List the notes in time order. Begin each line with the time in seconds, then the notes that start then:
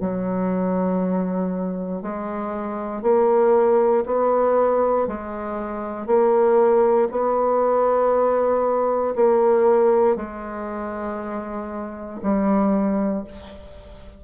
0.00 F#3
2.02 G#3
3.02 A#3
4.06 B3
5.07 G#3
6.06 A#3
7.11 B3
9.15 A#3
10.16 G#3
12.23 G3